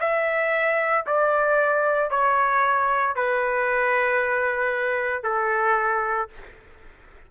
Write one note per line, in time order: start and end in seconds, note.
0.00 1.05 E5
1.06 2.10 D5
2.10 3.15 C#5
3.15 5.23 B4
5.23 6.28 A4